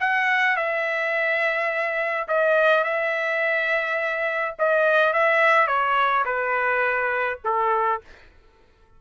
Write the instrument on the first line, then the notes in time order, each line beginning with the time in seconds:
trumpet
0.00 F#5
0.56 E5
2.28 D#5
2.84 E5
4.59 D#5
5.13 E5
5.67 C#5
6.25 B4
7.44 A4